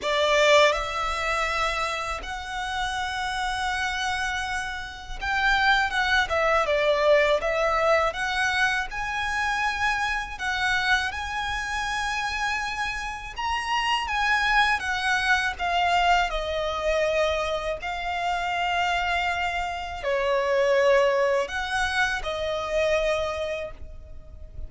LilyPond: \new Staff \with { instrumentName = "violin" } { \time 4/4 \tempo 4 = 81 d''4 e''2 fis''4~ | fis''2. g''4 | fis''8 e''8 d''4 e''4 fis''4 | gis''2 fis''4 gis''4~ |
gis''2 ais''4 gis''4 | fis''4 f''4 dis''2 | f''2. cis''4~ | cis''4 fis''4 dis''2 | }